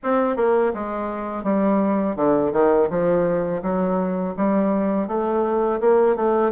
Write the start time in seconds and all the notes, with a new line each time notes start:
0.03 C4
0.36 A#3
0.74 G#3
1.43 G3
2.16 D3
2.52 D#3
2.89 F3
3.62 F#3
4.36 G3
5.07 A3
5.80 A#3
6.15 A3